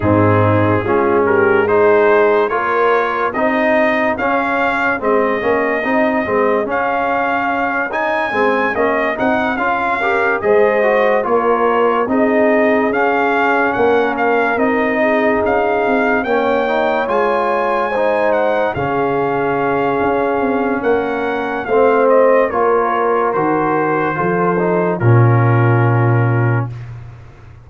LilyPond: <<
  \new Staff \with { instrumentName = "trumpet" } { \time 4/4 \tempo 4 = 72 gis'4. ais'8 c''4 cis''4 | dis''4 f''4 dis''2 | f''4. gis''4 dis''8 fis''8 f''8~ | f''8 dis''4 cis''4 dis''4 f''8~ |
f''8 fis''8 f''8 dis''4 f''4 g''8~ | g''8 gis''4. fis''8 f''4.~ | f''4 fis''4 f''8 dis''8 cis''4 | c''2 ais'2 | }
  \new Staff \with { instrumentName = "horn" } { \time 4/4 dis'4 f'8 g'8 gis'4 ais'4 | gis'1~ | gis'1 | ais'8 c''4 ais'4 gis'4.~ |
gis'8 ais'4. gis'4. cis''8~ | cis''4. c''4 gis'4.~ | gis'4 ais'4 c''4 ais'4~ | ais'4 a'4 f'2 | }
  \new Staff \with { instrumentName = "trombone" } { \time 4/4 c'4 cis'4 dis'4 f'4 | dis'4 cis'4 c'8 cis'8 dis'8 c'8 | cis'4. dis'8 c'8 cis'8 dis'8 f'8 | g'8 gis'8 fis'8 f'4 dis'4 cis'8~ |
cis'4. dis'2 cis'8 | dis'8 f'4 dis'4 cis'4.~ | cis'2 c'4 f'4 | fis'4 f'8 dis'8 cis'2 | }
  \new Staff \with { instrumentName = "tuba" } { \time 4/4 gis,4 gis2 ais4 | c'4 cis'4 gis8 ais8 c'8 gis8 | cis'2 gis8 ais8 c'8 cis'8~ | cis'8 gis4 ais4 c'4 cis'8~ |
cis'8 ais4 c'4 cis'8 c'8 ais8~ | ais8 gis2 cis4. | cis'8 c'8 ais4 a4 ais4 | dis4 f4 ais,2 | }
>>